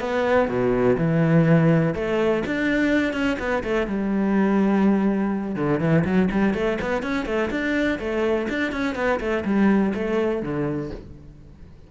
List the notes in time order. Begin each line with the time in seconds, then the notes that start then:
0.00 B3
0.49 B2
0.98 E3
1.95 A3
2.47 D4
3.13 C#4
3.39 B3
3.64 A3
3.88 G3
5.56 D3
5.80 E3
6.05 F#3
6.31 G3
6.54 A3
6.81 B3
7.03 C#4
7.26 A3
7.50 D4
7.99 A3
8.49 D4
8.72 C#4
8.95 B3
9.20 A3
9.45 G3
9.94 A3
10.43 D3